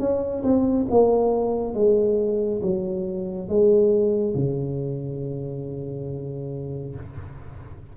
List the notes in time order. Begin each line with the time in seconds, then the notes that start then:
0.00 C#4
0.44 C4
0.91 A#3
1.75 G#3
2.63 F#3
3.49 G#3
4.35 C#3